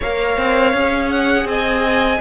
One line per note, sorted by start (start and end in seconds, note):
0.00 0.37 A#3
0.00 0.74 A#4
0.00 1.47 C#5
0.00 1.10 F5
0.37 0.73 C4
0.73 1.44 C#4
0.73 2.21 G#4
1.10 1.47 F#5
1.44 2.18 C4
1.44 2.21 D#5
1.44 2.21 G#5